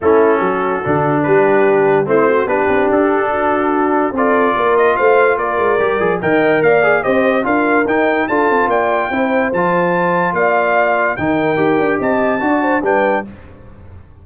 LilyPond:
<<
  \new Staff \with { instrumentName = "trumpet" } { \time 4/4 \tempo 4 = 145 a'2. b'4~ | b'4 c''4 b'4 a'4~ | a'2 d''4. dis''8 | f''4 d''2 g''4 |
f''4 dis''4 f''4 g''4 | a''4 g''2 a''4~ | a''4 f''2 g''4~ | g''4 a''2 g''4 | }
  \new Staff \with { instrumentName = "horn" } { \time 4/4 e'4 fis'2 g'4~ | g'4 e'8 fis'8 g'2 | fis'2 a'4 ais'4 | c''4 ais'2 dis''4 |
d''4 c''4 ais'2 | a'4 d''4 c''2~ | c''4 d''2 ais'4~ | ais'4 dis''4 d''8 c''8 b'4 | }
  \new Staff \with { instrumentName = "trombone" } { \time 4/4 cis'2 d'2~ | d'4 c'4 d'2~ | d'2 f'2~ | f'2 g'8 gis'8 ais'4~ |
ais'8 gis'8 g'4 f'4 dis'4 | f'2 e'4 f'4~ | f'2. dis'4 | g'2 fis'4 d'4 | }
  \new Staff \with { instrumentName = "tuba" } { \time 4/4 a4 fis4 d4 g4~ | g4 a4 b8 c'8 d'4~ | d'2 c'4 ais4 | a4 ais8 gis8 g8 f8 dis4 |
ais4 c'4 d'4 dis'4 | d'8 c'8 ais4 c'4 f4~ | f4 ais2 dis4 | dis'8 d'8 c'4 d'4 g4 | }
>>